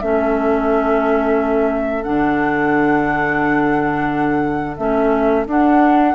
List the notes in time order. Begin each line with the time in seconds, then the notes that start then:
0.00 A3 C#4 A4 E5
2.04 D3 D4 F#5
4.77 A3 C#4 E5
5.46 D4 F#5